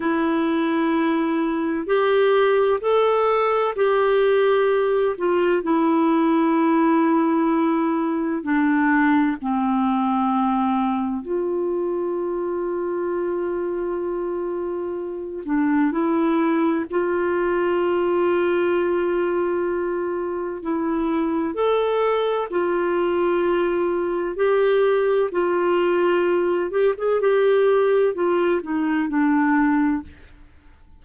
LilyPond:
\new Staff \with { instrumentName = "clarinet" } { \time 4/4 \tempo 4 = 64 e'2 g'4 a'4 | g'4. f'8 e'2~ | e'4 d'4 c'2 | f'1~ |
f'8 d'8 e'4 f'2~ | f'2 e'4 a'4 | f'2 g'4 f'4~ | f'8 g'16 gis'16 g'4 f'8 dis'8 d'4 | }